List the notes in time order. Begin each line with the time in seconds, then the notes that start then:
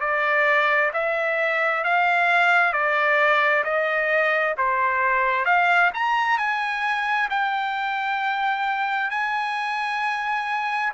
0.00 D5
0.93 E5
1.84 F5
2.72 D5
3.64 D#5
4.57 C5
5.45 F5
5.94 A#5
6.38 G#5
7.30 G5
9.10 G#5